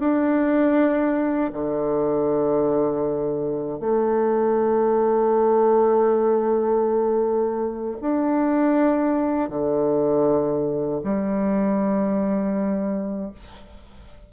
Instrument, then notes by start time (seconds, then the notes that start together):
bassoon
0.00 D4
1.53 D3
3.80 A3
8.02 D4
9.49 D3
11.04 G3